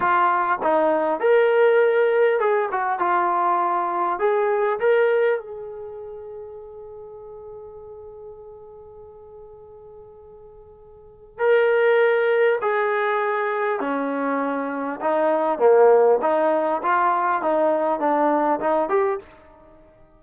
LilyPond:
\new Staff \with { instrumentName = "trombone" } { \time 4/4 \tempo 4 = 100 f'4 dis'4 ais'2 | gis'8 fis'8 f'2 gis'4 | ais'4 gis'2.~ | gis'1~ |
gis'2. ais'4~ | ais'4 gis'2 cis'4~ | cis'4 dis'4 ais4 dis'4 | f'4 dis'4 d'4 dis'8 g'8 | }